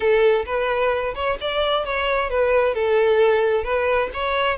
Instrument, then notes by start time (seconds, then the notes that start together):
violin
0.00 A4
0.45 B4
1.15 C#5
1.40 D5
1.85 C#5
2.29 B4
2.74 A4
3.63 B4
4.13 C#5